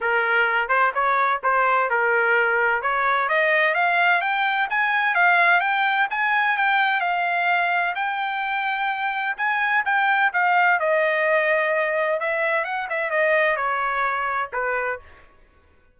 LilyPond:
\new Staff \with { instrumentName = "trumpet" } { \time 4/4 \tempo 4 = 128 ais'4. c''8 cis''4 c''4 | ais'2 cis''4 dis''4 | f''4 g''4 gis''4 f''4 | g''4 gis''4 g''4 f''4~ |
f''4 g''2. | gis''4 g''4 f''4 dis''4~ | dis''2 e''4 fis''8 e''8 | dis''4 cis''2 b'4 | }